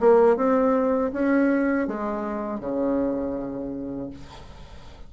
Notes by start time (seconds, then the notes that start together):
0.00 A#3
0.36 C4
1.13 C#4
1.88 G#3
2.60 C#3